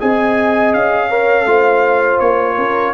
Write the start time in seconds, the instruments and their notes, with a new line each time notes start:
0.00 tuba C4, trombone G#4, horn D#5, trumpet G#5
0.74 tuba C#4, trumpet F5
1.09 trombone A#4, horn C#5
1.46 tuba A3, trombone F4, horn C5
2.20 tuba A#3, trumpet C#5
2.57 tuba C#4, horn A#4